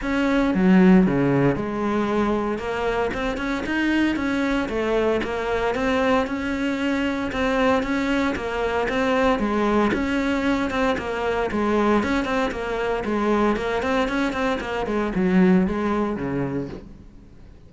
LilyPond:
\new Staff \with { instrumentName = "cello" } { \time 4/4 \tempo 4 = 115 cis'4 fis4 cis4 gis4~ | gis4 ais4 c'8 cis'8 dis'4 | cis'4 a4 ais4 c'4 | cis'2 c'4 cis'4 |
ais4 c'4 gis4 cis'4~ | cis'8 c'8 ais4 gis4 cis'8 c'8 | ais4 gis4 ais8 c'8 cis'8 c'8 | ais8 gis8 fis4 gis4 cis4 | }